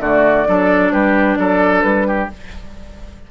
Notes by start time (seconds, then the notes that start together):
0.00 D3 A3 F#4 D5
0.48 F#3 D4 A4
0.92 G3 G4 B4
1.36 F#3 A4 D5
1.82 G3 B4
2.07 G4